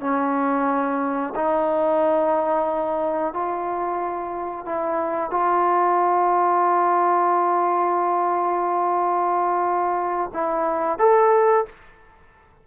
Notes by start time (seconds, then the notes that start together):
0.00 C#4
1.35 D#4
3.33 F4
4.65 E4
5.30 F4
10.33 E4
10.98 A4